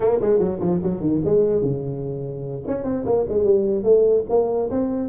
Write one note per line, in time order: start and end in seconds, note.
0.00 0.19 A#3
0.20 0.39 G#3
0.39 0.59 F#3
0.60 0.80 F3
0.82 1.00 F#3
1.00 1.21 D#3
1.24 1.61 G#3
1.61 2.63 C#3
2.67 2.84 C#4
2.84 3.04 C4
3.05 3.25 A#3
3.28 3.43 G#3
3.43 3.83 G3
3.83 4.24 A3
4.29 4.70 A#3
4.70 5.08 C4